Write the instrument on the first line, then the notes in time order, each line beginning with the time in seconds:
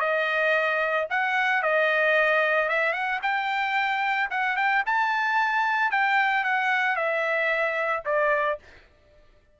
trumpet
0.00 D#5
1.10 F#5
1.62 D#5
2.69 E5
2.93 F#5
3.22 G5
4.31 F#5
4.57 G5
4.86 A5
5.91 G5
6.44 F#5
6.96 E5
8.05 D5